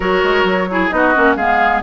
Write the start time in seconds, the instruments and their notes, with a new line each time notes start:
0.00 bassoon F#3, clarinet F#4, oboe A#4, flute C#5
0.23 bassoon G#3
0.43 bassoon F#3
0.70 clarinet E4, oboe G#4
0.89 bassoon B3, clarinet D#4, flute D#5
0.95 oboe F#4
1.14 bassoon A#3, clarinet C#4
1.35 bassoon G#3, clarinet B3, oboe G#4, flute F5